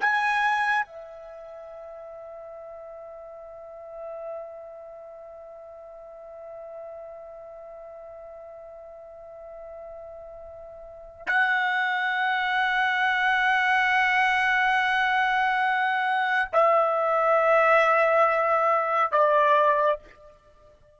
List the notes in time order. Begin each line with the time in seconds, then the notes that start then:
0.00 G#5
0.85 E5
11.27 F#5
16.52 E5
19.11 D5